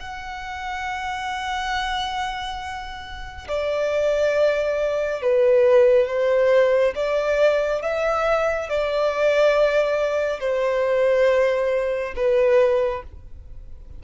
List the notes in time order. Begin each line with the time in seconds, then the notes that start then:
0.00 F#5
3.48 D5
5.22 B4
6.08 C5
6.95 D5
7.82 E5
8.70 D5
10.40 C5
12.16 B4